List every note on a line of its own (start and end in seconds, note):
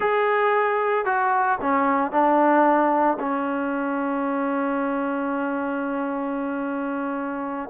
0.00 1.05 G#4
1.05 1.58 F#4
1.61 2.11 C#4
2.11 3.17 D4
3.19 7.69 C#4